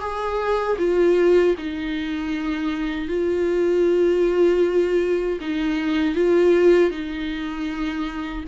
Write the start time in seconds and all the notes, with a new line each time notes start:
0.00 G#4
0.78 F4
1.58 D#4
3.08 F4
5.41 D#4
6.15 F4
6.91 D#4